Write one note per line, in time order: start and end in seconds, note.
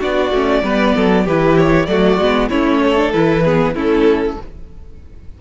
0.00 0.31 B3
0.00 0.32 D4
0.00 0.62 F#4
0.00 1.27 D5
0.31 0.63 A3
0.31 0.65 C#4
0.63 0.95 G3
0.63 1.27 B3
0.63 0.96 B4
0.96 1.27 F#3
0.96 1.25 A4
1.25 1.88 E3
1.25 1.88 E4
1.25 1.88 G4
1.25 1.58 B4
1.58 1.86 C#5
1.86 2.18 F#3
1.86 2.20 A3
1.86 2.50 F#4
1.86 2.49 D5
2.18 2.49 G#3
2.18 2.51 B3
2.50 3.14 A3
2.50 2.98 C#4
2.50 2.81 E4
2.50 3.13 C#5
2.84 3.45 A4
2.98 3.13 D4
3.13 3.75 E3
3.13 3.45 E4
3.13 3.75 B4
3.45 3.76 B3
3.45 3.76 G#4
3.75 4.37 A3
3.75 4.38 C#4
3.75 4.38 E4
3.75 4.42 A4